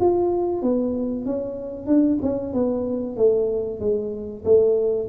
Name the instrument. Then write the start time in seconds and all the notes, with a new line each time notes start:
tuba
0.00 F4
0.62 B3
1.26 C#4
1.87 D4
2.22 C#4
2.53 B3
3.17 A3
3.80 G#3
4.44 A3